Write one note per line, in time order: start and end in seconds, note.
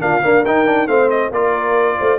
0.00 0.23 A#3
0.00 0.22 D4
0.00 0.25 F4
0.00 0.45 F5
0.23 0.44 A#3
0.23 0.47 D4
0.23 0.89 A#4
0.45 0.87 D#4
0.45 0.66 D#4
0.45 0.88 G5
0.66 0.87 D4
0.87 1.31 A3
0.87 1.31 C4
0.87 1.33 C5
0.87 1.10 F5
1.10 1.32 D#5
1.31 1.97 A#3
1.31 2.19 F4
1.31 1.99 A#4
1.31 2.19 D5
1.99 2.19 A3
1.99 2.19 C5